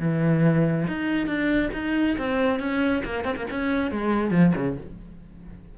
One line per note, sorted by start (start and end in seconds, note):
0.00 0.87 E3
0.88 1.27 D#4
1.27 1.71 D4
1.74 2.17 D#4
2.19 2.60 C4
2.60 3.03 C#4
3.05 3.25 A#3
3.25 3.36 C4
3.36 3.47 A#3
3.51 3.92 C#4
3.92 4.31 G#3
4.31 4.53 F3
4.56 4.77 C#3